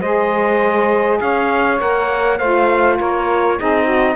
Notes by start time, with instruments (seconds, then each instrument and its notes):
0.00 cello G#3, saxophone G#4 C5, trumpet D#5
1.20 cello C#4, saxophone C#5, trumpet F5
1.78 cello A#3, saxophone A#4, trumpet F#5
2.38 cello A3, saxophone F4 C5, trumpet F5
2.98 cello A#3, saxophone A#4, trumpet C#5
3.58 cello C4, saxophone D#4 G#4, trumpet D#5
3.84 saxophone F#4